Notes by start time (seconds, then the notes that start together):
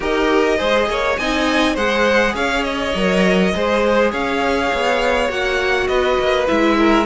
0.00 D#4 G4 A#4 D#5
0.57 G#3 G#4 C5
0.88 A#3 C#5
1.17 C4 D#4 D#5 G#5
1.74 G#3 G#4 C5 F#5
2.34 C#4 C#5 F5
2.63 D#5
2.94 F#3 A#4
3.54 G#3 G#4 C5
4.11 C#4 C#5 F5
4.72 B3
5.28 A#3 F#4 F#5
5.87 B3 B4 D#5
6.19 A#3
6.46 G#3 E4 E5
6.77 A#4